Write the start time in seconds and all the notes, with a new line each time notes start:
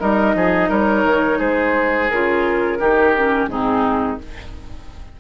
0.00 G3 D#4 A#4 D#5
0.35 F3 G#4
0.69 G3 A#4 C#5
1.05 D#3
1.39 G#3 G#4 C5
2.10 C#3 F4 A#4
2.80 D#3 D#4 G4
3.18 C#4
3.48 G#2 C4 D#4 G#4